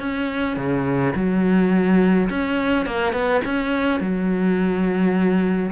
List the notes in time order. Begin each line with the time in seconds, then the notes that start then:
0.00 C#4
0.57 C#3
1.15 F#3
2.30 C#4
2.86 A#3
3.13 B3
3.45 C#4
4.01 F#3